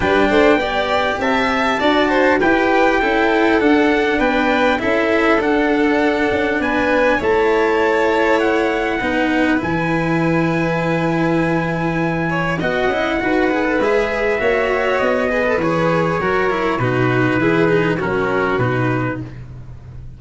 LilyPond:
<<
  \new Staff \with { instrumentName = "trumpet" } { \time 4/4 \tempo 4 = 100 g''2 a''2 | g''2 fis''4 g''4 | e''4 fis''2 gis''4 | a''2 fis''2 |
gis''1~ | gis''4 fis''2 e''4~ | e''4 dis''4 cis''2 | b'2 ais'4 b'4 | }
  \new Staff \with { instrumentName = "violin" } { \time 4/4 b'8 c''8 d''4 e''4 d''8 c''8 | b'4 a'2 b'4 | a'2. b'4 | cis''2. b'4~ |
b'1~ | b'8 cis''8 dis''4 b'2 | cis''4. b'4. ais'4 | fis'4 gis'4 fis'2 | }
  \new Staff \with { instrumentName = "cello" } { \time 4/4 d'4 g'2 fis'4 | g'4 e'4 d'2 | e'4 d'2. | e'2. dis'4 |
e'1~ | e'4 fis'8 e'8 fis'8 gis'16 a'16 gis'4 | fis'4. gis'16 a'16 gis'4 fis'8 e'8 | dis'4 e'8 dis'8 cis'4 dis'4 | }
  \new Staff \with { instrumentName = "tuba" } { \time 4/4 g8 a8 b4 c'4 d'4 | e'4 cis'4 d'4 b4 | cis'4 d'4. cis'8 b4 | a2. b4 |
e1~ | e4 b8 cis'8 dis'4 gis4 | ais4 b4 e4 fis4 | b,4 e4 fis4 b,4 | }
>>